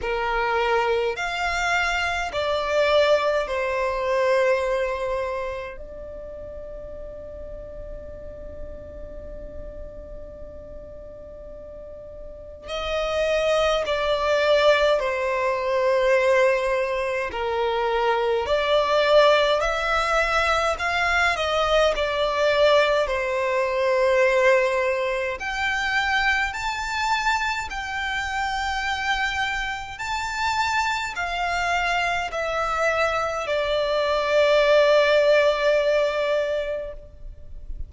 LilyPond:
\new Staff \with { instrumentName = "violin" } { \time 4/4 \tempo 4 = 52 ais'4 f''4 d''4 c''4~ | c''4 d''2.~ | d''2. dis''4 | d''4 c''2 ais'4 |
d''4 e''4 f''8 dis''8 d''4 | c''2 g''4 a''4 | g''2 a''4 f''4 | e''4 d''2. | }